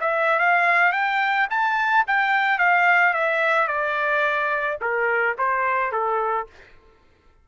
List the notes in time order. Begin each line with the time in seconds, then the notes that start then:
0.00 E5
0.39 F5
0.92 G5
1.50 A5
2.07 G5
2.58 F5
3.14 E5
3.67 D5
4.81 A#4
5.38 C5
5.91 A4